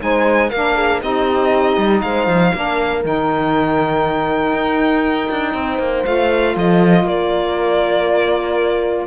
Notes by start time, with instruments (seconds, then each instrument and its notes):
0.00 cello G#3, saxophone D#4, horn C5, violin G#5
0.50 cello A#3, saxophone D4, horn A#4, violin F5
0.76 horn G#4
1.02 cello C4, saxophone D#4, horn G4, violin D#5
1.77 cello G3
2.01 cello G#3, horn C5, violin F5
2.27 cello F3
2.54 cello A#3, saxophone D4, horn A#4
3.03 cello D#3, saxophone D#4, violin G5
4.53 cello D#4
5.31 cello D4
5.54 cello C4, horn C5
5.79 cello A#3
6.05 cello A3, saxophone F4, violin F5
6.56 cello F3, horn A4, violin D#5
7.04 cello A#3, horn A#4, violin D5